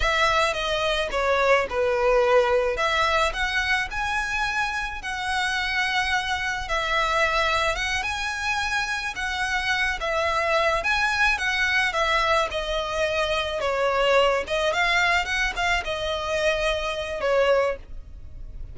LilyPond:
\new Staff \with { instrumentName = "violin" } { \time 4/4 \tempo 4 = 108 e''4 dis''4 cis''4 b'4~ | b'4 e''4 fis''4 gis''4~ | gis''4 fis''2. | e''2 fis''8 gis''4.~ |
gis''8 fis''4. e''4. gis''8~ | gis''8 fis''4 e''4 dis''4.~ | dis''8 cis''4. dis''8 f''4 fis''8 | f''8 dis''2~ dis''8 cis''4 | }